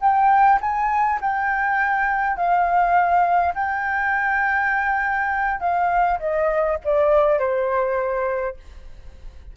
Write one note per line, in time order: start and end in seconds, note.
0.00 0.59 G5
0.60 1.19 G#5
1.21 2.36 G5
2.36 3.54 F5
3.54 5.60 G5
5.60 6.18 F5
6.19 6.78 D#5
6.84 7.39 D5
7.39 8.56 C5